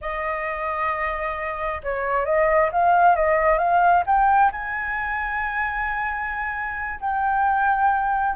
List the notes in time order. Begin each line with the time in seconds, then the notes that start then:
0.01 D#5
1.83 C#5
2.25 D#5
2.72 F5
3.15 D#5
3.58 F5
4.06 G5
4.52 G#5
7.00 G5